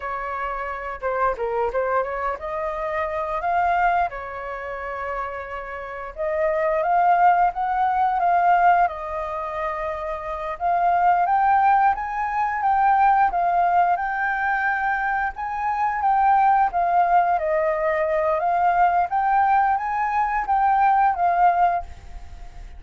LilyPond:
\new Staff \with { instrumentName = "flute" } { \time 4/4 \tempo 4 = 88 cis''4. c''8 ais'8 c''8 cis''8 dis''8~ | dis''4 f''4 cis''2~ | cis''4 dis''4 f''4 fis''4 | f''4 dis''2~ dis''8 f''8~ |
f''8 g''4 gis''4 g''4 f''8~ | f''8 g''2 gis''4 g''8~ | g''8 f''4 dis''4. f''4 | g''4 gis''4 g''4 f''4 | }